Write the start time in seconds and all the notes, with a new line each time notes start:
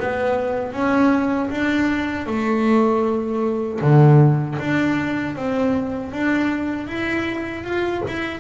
0.00 B3
0.73 C#4
1.50 D4
2.27 A3
3.81 D3
4.59 D4
5.36 C4
6.12 D4
6.87 E4
7.64 F4
8.08 E4